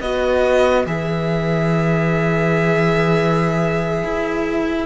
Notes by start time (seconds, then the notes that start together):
0.00 B3 F#4 B4 D#5
0.86 E3 G#4 E5
4.03 E4